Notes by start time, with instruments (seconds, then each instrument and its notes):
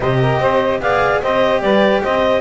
0.00 double bass C3, cello G4, saxophone C5, clarinet D#5
0.21 saxophone A#4
0.39 double bass C4, saxophone C5
0.80 double bass B3, cello G#4, saxophone D5, clarinet F5
1.21 double bass C4, cello G4, saxophone C5, clarinet D#5
1.61 double bass G3, saxophone B4, clarinet D5
2.02 double bass C4, saxophone C5, clarinet D#5